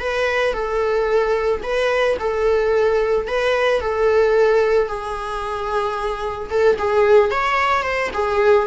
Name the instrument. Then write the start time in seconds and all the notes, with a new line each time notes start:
viola
0.00 B4
0.54 A4
1.63 B4
2.20 A4
3.28 B4
3.81 A4
4.88 G#4
6.50 A4
6.78 G#4
7.31 C#5
7.83 C5
8.14 G#4